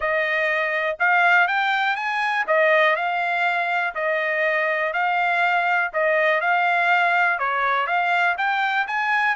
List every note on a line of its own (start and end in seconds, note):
0.00 0.97 D#5
0.99 1.47 F5
1.47 1.96 G5
1.96 2.45 G#5
2.47 2.96 D#5
2.96 3.94 F5
3.95 4.93 D#5
4.93 5.91 F5
5.93 6.41 D#5
6.41 7.38 F5
7.38 7.86 C#5
7.86 8.36 F5
8.37 8.86 G5
8.87 9.35 G#5